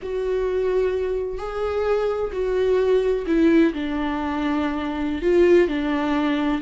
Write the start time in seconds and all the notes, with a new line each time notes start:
0.02 F#4
1.38 G#4
2.32 F#4
3.26 E4
3.73 D4
5.22 F4
5.68 D4